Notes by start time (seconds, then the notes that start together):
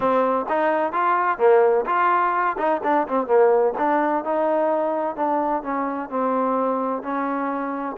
0.00 C4
0.49 D#4
0.92 F4
1.38 A#3
1.86 F4
2.57 D#4
2.83 D4
3.08 C4
3.26 A#3
3.78 D4
4.24 D#4
5.16 D4
5.62 C#4
6.09 C4
7.02 C#4